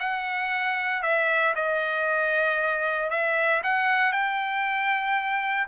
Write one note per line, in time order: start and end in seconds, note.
0.00 1.03 F#5
1.03 1.55 E5
1.56 3.10 D#5
3.10 3.62 E5
3.63 4.13 F#5
4.13 5.68 G5